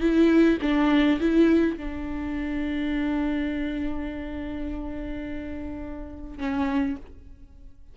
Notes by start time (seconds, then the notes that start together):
0.00 E4
0.61 D4
1.20 E4
1.76 D4
6.38 C#4